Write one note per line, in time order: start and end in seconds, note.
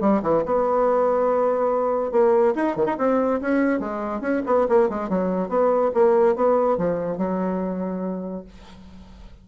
0.00 0.21 G3
0.22 0.43 E3
0.45 2.11 B3
2.11 2.54 A#3
2.55 2.76 D#4
2.76 2.86 D#3
2.86 2.96 D#4
2.98 3.40 C4
3.41 3.79 C#4
3.79 4.21 G#3
4.21 4.42 C#4
4.46 4.67 B3
4.68 4.89 A#3
4.89 5.09 G#3
5.09 5.49 F#3
5.49 5.91 B3
5.94 6.35 A#3
6.35 6.77 B3
6.77 7.17 F3
7.17 8.44 F#3